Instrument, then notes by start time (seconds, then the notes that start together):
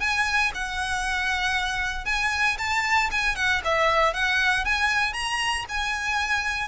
violin
0.00 G#5
0.55 F#5
2.05 G#5
2.58 A5
3.11 G#5
3.36 F#5
3.64 E5
4.14 F#5
4.65 G#5
5.13 A#5
5.69 G#5